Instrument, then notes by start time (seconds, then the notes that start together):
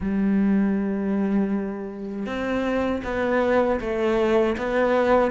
cello
0.00 G3
2.25 C4
3.04 B3
3.80 A3
4.57 B3